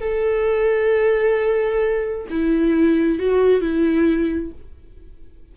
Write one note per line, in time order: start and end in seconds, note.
0.00 2.27 A4
2.30 3.18 E4
3.18 3.61 F#4
3.61 4.52 E4